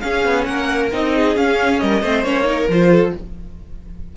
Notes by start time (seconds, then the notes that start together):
0.00 C#4 G#4 F5
0.25 B3
0.45 A#3 A#4 F#5
0.92 C4 D#4 D#5
1.15 G#4
1.36 C#4 F5
1.79 G3 A#4 D#5
2.01 A3 C4 C5
2.23 A#3 C#4 C#5
2.44 D#4 A#4
2.67 F3 F4 C5
2.91 A4